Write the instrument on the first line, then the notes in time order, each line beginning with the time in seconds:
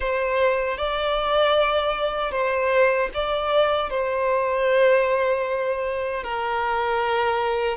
violin
0.00 C5
0.77 D5
2.31 C5
3.13 D5
3.90 C5
6.23 A#4